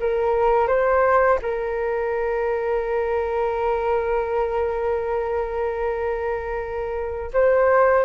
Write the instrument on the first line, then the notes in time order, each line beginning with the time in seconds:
flute
0.00 A#4
0.68 C5
1.42 A#4
7.33 C5